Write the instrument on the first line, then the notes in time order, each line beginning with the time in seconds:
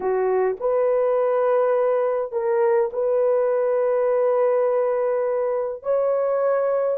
horn
0.00 F#4
0.60 B4
2.32 A#4
2.93 B4
5.83 C#5